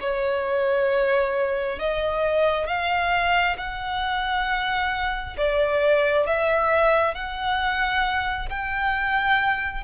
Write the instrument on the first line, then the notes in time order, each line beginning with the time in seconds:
violin
0.00 C#5
1.79 D#5
2.67 F5
3.57 F#5
5.37 D5
6.26 E5
7.14 F#5
8.49 G5